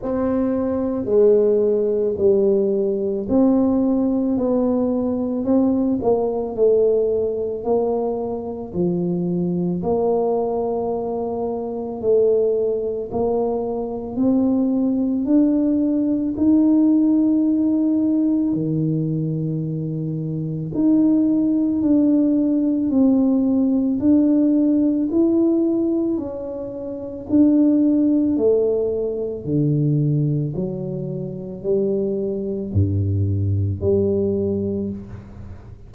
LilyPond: \new Staff \with { instrumentName = "tuba" } { \time 4/4 \tempo 4 = 55 c'4 gis4 g4 c'4 | b4 c'8 ais8 a4 ais4 | f4 ais2 a4 | ais4 c'4 d'4 dis'4~ |
dis'4 dis2 dis'4 | d'4 c'4 d'4 e'4 | cis'4 d'4 a4 d4 | fis4 g4 g,4 g4 | }